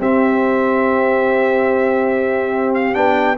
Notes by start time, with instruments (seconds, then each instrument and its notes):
0.00 tuba C4, trombone C4, horn G4, trumpet E5
2.75 trumpet F5
2.95 tuba B3, trombone D4, trumpet G5